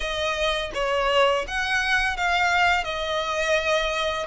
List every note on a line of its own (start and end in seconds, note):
0.00 0.71 D#5
0.74 1.45 C#5
1.47 2.16 F#5
2.16 2.84 F5
2.84 4.26 D#5